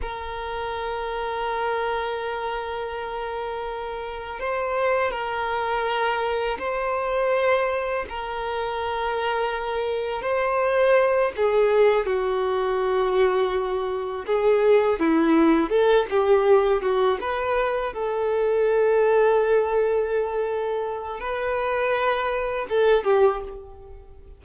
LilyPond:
\new Staff \with { instrumentName = "violin" } { \time 4/4 \tempo 4 = 82 ais'1~ | ais'2 c''4 ais'4~ | ais'4 c''2 ais'4~ | ais'2 c''4. gis'8~ |
gis'8 fis'2. gis'8~ | gis'8 e'4 a'8 g'4 fis'8 b'8~ | b'8 a'2.~ a'8~ | a'4 b'2 a'8 g'8 | }